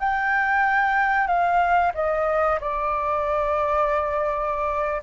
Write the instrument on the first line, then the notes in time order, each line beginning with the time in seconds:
flute
0.00 G5
1.28 F5
1.95 D#5
2.60 D5